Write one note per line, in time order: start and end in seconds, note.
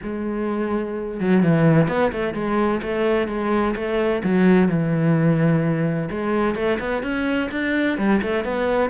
0.02 1.20 G#3
1.20 1.43 F#3
1.43 1.87 E3
1.87 2.11 B3
2.12 2.34 A3
2.34 2.81 G#3
2.82 3.27 A3
3.27 3.74 G#3
3.75 4.22 A3
4.23 4.68 F#3
4.68 6.09 E3
6.10 6.55 G#3
6.55 6.78 A3
6.79 7.02 B3
7.02 7.49 C#4
7.51 7.98 D4
7.98 8.21 G3
8.22 8.44 A3
8.44 8.90 B3